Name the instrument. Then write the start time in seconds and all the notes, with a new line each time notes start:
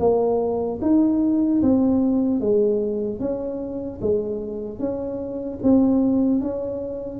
tuba
0.00 A#3
0.82 D#4
1.62 C4
2.41 G#3
3.20 C#4
4.01 G#3
4.79 C#4
5.63 C4
6.41 C#4